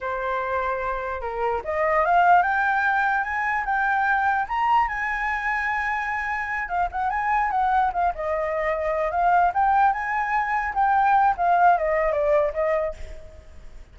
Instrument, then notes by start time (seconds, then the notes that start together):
flute
0.00 C5
1.21 A#4
1.64 D#5
2.05 F5
2.42 G5
3.23 G#5
3.65 G5
4.48 A#5
4.88 G#5
6.68 F5
6.91 F#5
7.10 G#5
7.51 F#5
7.93 F5
8.14 D#5
9.11 F5
9.54 G5
9.93 G#5
10.74 G5
11.37 F5
11.77 D#5
12.12 D5
12.53 D#5